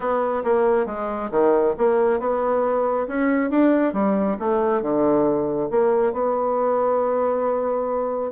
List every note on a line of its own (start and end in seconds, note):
0.00 0.43 B3
0.44 0.86 A#3
0.86 1.29 G#3
1.30 1.74 D#3
1.77 2.19 A#3
2.19 3.07 B3
3.07 3.50 C#4
3.50 3.93 D4
3.93 4.37 G3
4.39 4.82 A3
4.82 5.69 D3
5.70 6.12 A#3
6.12 8.31 B3